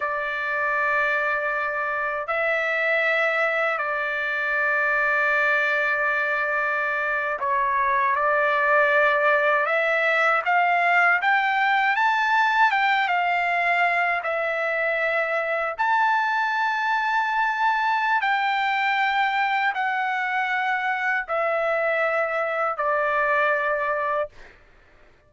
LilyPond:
\new Staff \with { instrumentName = "trumpet" } { \time 4/4 \tempo 4 = 79 d''2. e''4~ | e''4 d''2.~ | d''4.~ d''16 cis''4 d''4~ d''16~ | d''8. e''4 f''4 g''4 a''16~ |
a''8. g''8 f''4. e''4~ e''16~ | e''8. a''2.~ a''16 | g''2 fis''2 | e''2 d''2 | }